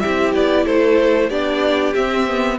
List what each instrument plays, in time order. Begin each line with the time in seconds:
0.00 cello C4, viola E4, violin G4 E5
0.35 cello B3, violin D5
0.66 cello A3, violin A4 C5
1.29 cello B3, viola D4, violin G4 D5
1.95 viola C4, cello C4, violin E5
2.27 viola B3